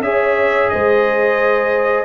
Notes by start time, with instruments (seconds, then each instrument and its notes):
0.00 tuba C#4, trombone G#4, horn C#5, trumpet E5
0.69 tuba G#3, horn C5, trumpet D#5